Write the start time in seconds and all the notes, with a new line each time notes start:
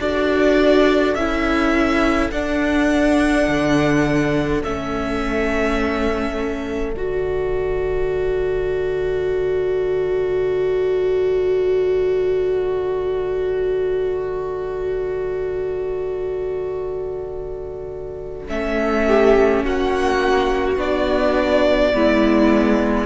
0.00 D4 F#4 A4 D5
1.15 C#4 E4 E5
2.31 D4 F#5
3.48 D3
4.64 A3 C#4 E5
6.94 D3 F#4 D5
18.48 A3 C#4 E5
19.08 G4
19.64 A#3 F#4 F#5
20.77 B3 D4 D5
21.93 G#3 B3 E4